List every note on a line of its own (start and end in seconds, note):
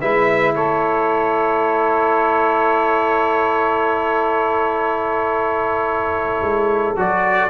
0.00 0.54 G#3
0.00 6.96 E4
0.00 0.54 B4
0.00 0.54 E5
0.54 6.41 A3
0.54 7.49 A4
0.54 6.98 C#5
6.41 6.95 G#3
6.96 7.49 F#3
6.96 7.49 F#4
6.96 7.49 D5